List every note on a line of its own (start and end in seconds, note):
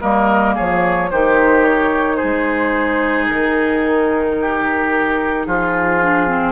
0.00 0.57 G3
0.00 1.09 A#3
0.00 0.55 A#4
0.00 0.55 D#5
0.55 1.12 F3
0.55 1.10 G#4
0.55 1.10 C#5
1.10 2.21 D#3
1.10 6.03 D#4
1.10 2.16 G4
1.10 1.65 C5
1.65 2.16 C#5
2.16 4.35 G#4
2.16 3.25 C5
2.23 3.29 G#3
3.29 5.47 D#3
3.29 5.45 A#4
4.41 5.47 G4
5.45 6.52 F3
5.45 6.52 F4
5.45 6.52 G#4
6.03 6.28 D4
6.28 6.52 C4